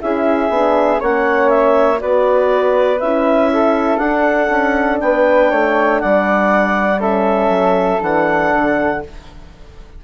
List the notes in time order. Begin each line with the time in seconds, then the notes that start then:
0.00 C#4 E4 G#4 E5
0.49 B3 D4
0.97 A#3 C#4 C#5 F#5
1.49 E5
1.98 B3 F#4 B4 D5
2.99 C#4 E4 E5
3.52 A4
3.98 D4 F#5
4.49 C#4
5.00 B3 B4 G5
5.50 A3 C#5
6.00 G3 D5 F#5
7.00 C#4 A4 E5
7.49 F#3
7.99 E3 D4 F#5
8.54 D3